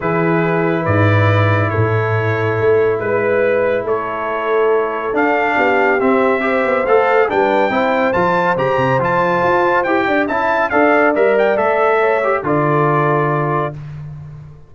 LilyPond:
<<
  \new Staff \with { instrumentName = "trumpet" } { \time 4/4 \tempo 4 = 140 b'2 d''2 | cis''2. b'4~ | b'4 cis''2. | f''2 e''2 |
f''4 g''2 a''4 | ais''4 a''2 g''4 | a''4 f''4 e''8 g''8 e''4~ | e''4 d''2. | }
  \new Staff \with { instrumentName = "horn" } { \time 4/4 gis'2 b'2 | a'2. b'4~ | b'4 a'2.~ | a'4 g'2 c''4~ |
c''4 b'4 c''2~ | c''2.~ c''8 d''8 | e''4 d''2. | cis''4 a'2. | }
  \new Staff \with { instrumentName = "trombone" } { \time 4/4 e'1~ | e'1~ | e'1 | d'2 c'4 g'4 |
a'4 d'4 e'4 f'4 | g'4 f'2 g'4 | e'4 a'4 ais'4 a'4~ | a'8 g'8 f'2. | }
  \new Staff \with { instrumentName = "tuba" } { \time 4/4 e2 gis,2 | a,2 a4 gis4~ | gis4 a2. | d'4 b4 c'4. b8 |
a4 g4 c'4 f4 | cis8 c8 f4 f'4 e'8 d'8 | cis'4 d'4 g4 a4~ | a4 d2. | }
>>